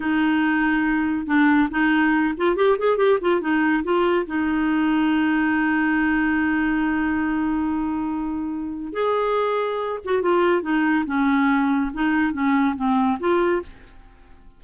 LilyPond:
\new Staff \with { instrumentName = "clarinet" } { \time 4/4 \tempo 4 = 141 dis'2. d'4 | dis'4. f'8 g'8 gis'8 g'8 f'8 | dis'4 f'4 dis'2~ | dis'1~ |
dis'1~ | dis'4 gis'2~ gis'8 fis'8 | f'4 dis'4 cis'2 | dis'4 cis'4 c'4 f'4 | }